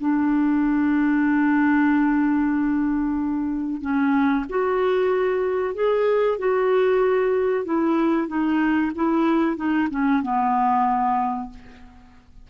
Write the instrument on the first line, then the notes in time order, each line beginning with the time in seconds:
clarinet
0.00 D4
3.81 C#4
4.49 F#4
5.74 G#4
6.38 F#4
7.65 E4
8.28 D#4
8.95 E4
9.56 D#4
9.91 C#4
10.22 B3